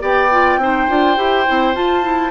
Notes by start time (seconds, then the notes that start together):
0.00 B3 G4 D5 G5
0.31 F4
0.57 C4 D#4 C5
0.88 D4 F4
1.16 E4 G4
1.46 C4 E4
1.74 F4 A5
2.02 E4